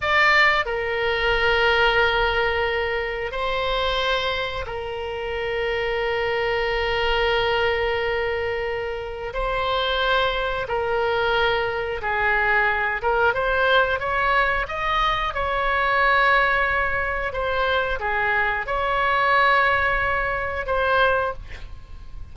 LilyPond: \new Staff \with { instrumentName = "oboe" } { \time 4/4 \tempo 4 = 90 d''4 ais'2.~ | ais'4 c''2 ais'4~ | ais'1~ | ais'2 c''2 |
ais'2 gis'4. ais'8 | c''4 cis''4 dis''4 cis''4~ | cis''2 c''4 gis'4 | cis''2. c''4 | }